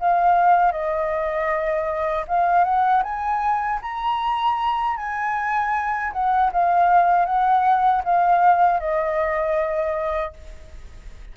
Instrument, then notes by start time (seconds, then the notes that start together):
flute
0.00 F5
0.72 D#5
2.28 F5
2.64 F#5
3.03 G#5
3.82 A#5
4.97 G#5
6.13 F#5
6.53 F5
7.26 F#5
8.05 F5
8.80 D#5